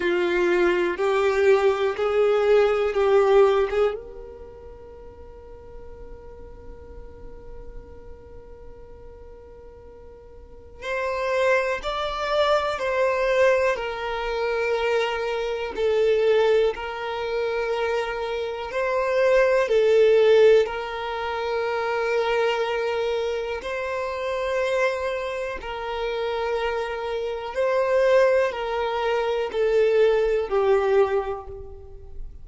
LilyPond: \new Staff \with { instrumentName = "violin" } { \time 4/4 \tempo 4 = 61 f'4 g'4 gis'4 g'8. gis'16 | ais'1~ | ais'2. c''4 | d''4 c''4 ais'2 |
a'4 ais'2 c''4 | a'4 ais'2. | c''2 ais'2 | c''4 ais'4 a'4 g'4 | }